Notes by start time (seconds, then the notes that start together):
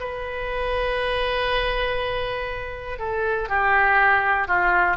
0.00 B4
2.99 A4
3.48 G4
4.48 F4